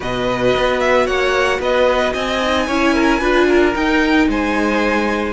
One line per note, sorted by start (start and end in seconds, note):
0.00 0.55 B2
0.00 2.39 F#4
0.00 1.05 B4
0.00 0.79 D#5
0.56 1.07 B3
0.79 1.06 E5
1.05 1.59 A#3
1.05 1.59 C#5
1.05 1.60 F#5
1.59 2.12 B3
1.59 2.13 B4
1.59 2.13 D#5
2.13 2.68 C4
2.13 2.66 D#5
2.13 3.74 G#5
2.41 2.68 D#4
2.67 3.21 C#4
2.67 3.21 E4
2.67 2.93 C#5
2.93 3.20 A#4
3.20 3.74 D4
3.20 3.74 F4
3.20 3.46 B4
3.48 4.28 A#4
3.74 5.33 D#4
3.74 4.27 D#4
3.74 4.29 G5
4.27 5.33 G#3
4.27 5.33 C5
4.27 5.33 G#5